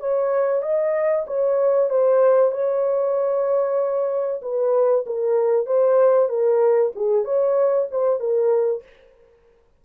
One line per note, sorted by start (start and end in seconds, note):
0.00 0.62 C#5
0.62 1.25 D#5
1.27 1.90 C#5
1.90 2.51 C5
2.51 4.41 C#5
4.42 5.05 B4
5.06 5.66 A#4
5.66 6.29 C5
6.29 6.92 A#4
6.95 7.25 G#4
7.25 7.88 C#5
7.91 8.20 C5
8.20 8.83 A#4